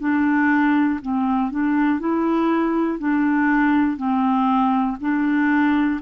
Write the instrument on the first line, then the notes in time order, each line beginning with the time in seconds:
clarinet
0.00 D4
1.01 C4
1.51 D4
2.00 E4
2.99 D4
3.97 C4
5.00 D4